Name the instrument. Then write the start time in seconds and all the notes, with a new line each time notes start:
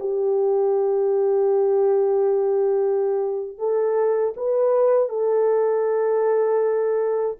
horn
0.00 G4
3.59 A4
4.37 B4
5.09 A4